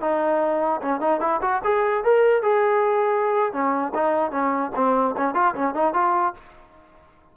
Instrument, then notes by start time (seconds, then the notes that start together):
trombone
0.00 D#4
0.81 C#4
1.00 D#4
1.20 E4
1.41 F#4
1.64 G#4
2.04 A#4
2.42 G#4
3.52 C#4
3.94 D#4
4.31 C#4
4.75 C4
5.17 C#4
5.34 F4
5.54 C#4
5.74 D#4
5.93 F4